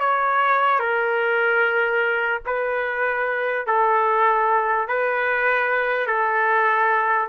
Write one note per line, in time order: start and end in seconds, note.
0.00 0.80 C#5
0.80 2.42 A#4
2.46 3.67 B4
3.67 4.88 A4
4.88 6.07 B4
6.07 7.29 A4